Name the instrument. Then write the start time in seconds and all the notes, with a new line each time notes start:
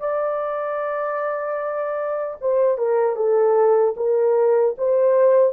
horn
0.00 D5
2.42 C5
2.78 A#4
3.16 A4
3.97 A#4
4.78 C5